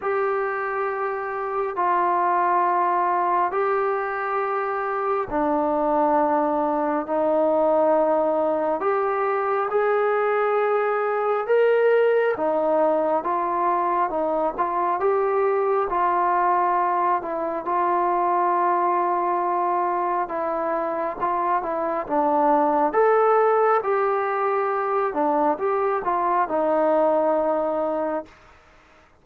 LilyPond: \new Staff \with { instrumentName = "trombone" } { \time 4/4 \tempo 4 = 68 g'2 f'2 | g'2 d'2 | dis'2 g'4 gis'4~ | gis'4 ais'4 dis'4 f'4 |
dis'8 f'8 g'4 f'4. e'8 | f'2. e'4 | f'8 e'8 d'4 a'4 g'4~ | g'8 d'8 g'8 f'8 dis'2 | }